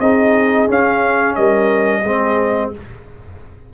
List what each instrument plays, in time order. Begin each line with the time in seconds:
0.00 tuba C4, trombone D#4, horn G#4, trumpet D#5
0.68 trombone C#4, tuba C#4, trumpet F5
1.35 tuba G3, horn A#4, trumpet D#5
2.02 tuba G#3, trombone C4, horn G#4